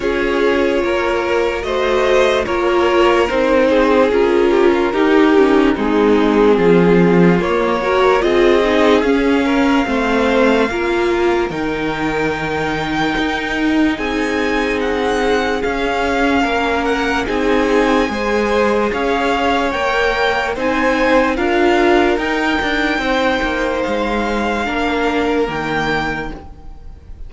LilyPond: <<
  \new Staff \with { instrumentName = "violin" } { \time 4/4 \tempo 4 = 73 cis''2 dis''4 cis''4 | c''4 ais'2 gis'4~ | gis'4 cis''4 dis''4 f''4~ | f''2 g''2~ |
g''4 gis''4 fis''4 f''4~ | f''8 fis''8 gis''2 f''4 | g''4 gis''4 f''4 g''4~ | g''4 f''2 g''4 | }
  \new Staff \with { instrumentName = "violin" } { \time 4/4 gis'4 ais'4 c''4 ais'4~ | ais'8 gis'4 g'16 f'16 g'4 dis'4 | f'4. ais'8 gis'4. ais'8 | c''4 ais'2.~ |
ais'4 gis'2. | ais'4 gis'4 c''4 cis''4~ | cis''4 c''4 ais'2 | c''2 ais'2 | }
  \new Staff \with { instrumentName = "viola" } { \time 4/4 f'2 fis'4 f'4 | dis'4 f'4 dis'8 cis'8 c'4~ | c'4 ais8 fis'8 f'8 dis'8 cis'4 | c'4 f'4 dis'2~ |
dis'2. cis'4~ | cis'4 dis'4 gis'2 | ais'4 dis'4 f'4 dis'4~ | dis'2 d'4 ais4 | }
  \new Staff \with { instrumentName = "cello" } { \time 4/4 cis'4 ais4 a4 ais4 | c'4 cis'4 dis'4 gis4 | f4 ais4 c'4 cis'4 | a4 ais4 dis2 |
dis'4 c'2 cis'4 | ais4 c'4 gis4 cis'4 | ais4 c'4 d'4 dis'8 d'8 | c'8 ais8 gis4 ais4 dis4 | }
>>